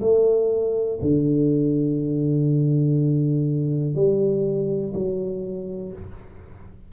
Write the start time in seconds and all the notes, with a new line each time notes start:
0.00 A3
1.01 D3
3.94 G3
4.94 F#3